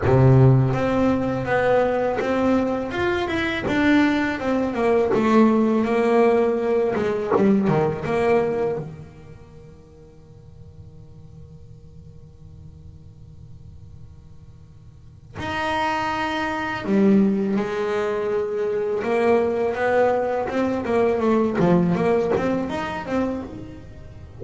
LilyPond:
\new Staff \with { instrumentName = "double bass" } { \time 4/4 \tempo 4 = 82 c4 c'4 b4 c'4 | f'8 e'8 d'4 c'8 ais8 a4 | ais4. gis8 g8 dis8 ais4 | dis1~ |
dis1~ | dis4 dis'2 g4 | gis2 ais4 b4 | c'8 ais8 a8 f8 ais8 c'8 dis'8 c'8 | }